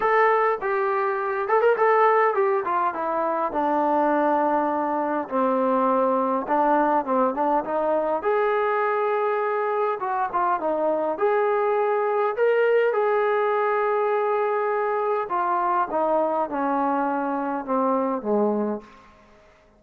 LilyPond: \new Staff \with { instrumentName = "trombone" } { \time 4/4 \tempo 4 = 102 a'4 g'4. a'16 ais'16 a'4 | g'8 f'8 e'4 d'2~ | d'4 c'2 d'4 | c'8 d'8 dis'4 gis'2~ |
gis'4 fis'8 f'8 dis'4 gis'4~ | gis'4 ais'4 gis'2~ | gis'2 f'4 dis'4 | cis'2 c'4 gis4 | }